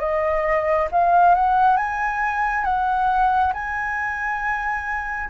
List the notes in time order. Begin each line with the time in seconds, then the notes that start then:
0.00 D#5
0.92 F5
1.35 F#5
1.77 G#5
2.65 F#5
3.53 G#5